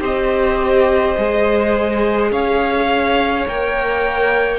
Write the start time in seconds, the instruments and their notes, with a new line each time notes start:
0.00 cello C4, viola G4, violin C5 D#5
1.17 cello G#3, viola G#4
2.31 cello C#4, violin C#5 F5
3.46 cello A#3, viola A#4, violin G5